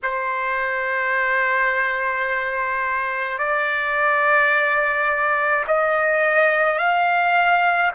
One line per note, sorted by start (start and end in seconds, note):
0.03 3.38 C5
3.38 5.64 D5
5.67 6.78 D#5
6.78 7.91 F5